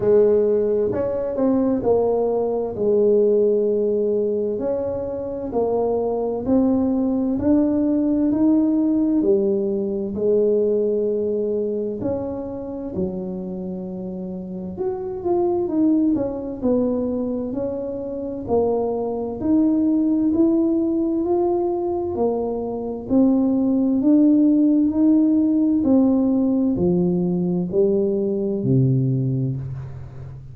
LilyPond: \new Staff \with { instrumentName = "tuba" } { \time 4/4 \tempo 4 = 65 gis4 cis'8 c'8 ais4 gis4~ | gis4 cis'4 ais4 c'4 | d'4 dis'4 g4 gis4~ | gis4 cis'4 fis2 |
fis'8 f'8 dis'8 cis'8 b4 cis'4 | ais4 dis'4 e'4 f'4 | ais4 c'4 d'4 dis'4 | c'4 f4 g4 c4 | }